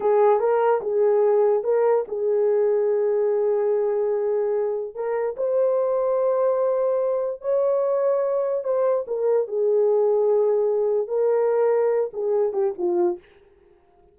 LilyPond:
\new Staff \with { instrumentName = "horn" } { \time 4/4 \tempo 4 = 146 gis'4 ais'4 gis'2 | ais'4 gis'2.~ | gis'1 | ais'4 c''2.~ |
c''2 cis''2~ | cis''4 c''4 ais'4 gis'4~ | gis'2. ais'4~ | ais'4. gis'4 g'8 f'4 | }